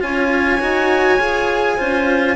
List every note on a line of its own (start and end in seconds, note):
0.00 0.61 C#4
0.00 0.59 F4
0.00 1.77 C#5
0.00 2.36 G#5
0.60 1.19 D#4
0.60 1.19 F#4
1.19 1.77 F4
1.19 1.78 G#4
1.77 2.36 C#4
1.77 2.36 F4
1.77 2.36 C5